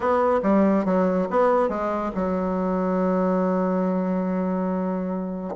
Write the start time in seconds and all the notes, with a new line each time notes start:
0.00 B3
0.42 G3
0.85 F#3
1.30 B3
1.68 G#3
2.15 F#3